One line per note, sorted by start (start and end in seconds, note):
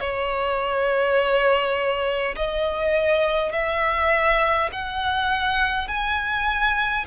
0.00 2.35 C#5
2.35 3.52 D#5
3.52 4.70 E5
4.72 5.88 F#5
5.88 7.05 G#5